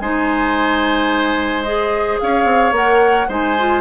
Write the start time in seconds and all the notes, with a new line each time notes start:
0.00 G#3 D#4 C5 G#5
1.63 G#4 D#5
2.20 C#4 C#5 F5
2.45 C4
2.72 A#3 A#4 F#5
3.28 G#3 D#4 C5 G#5
3.59 F4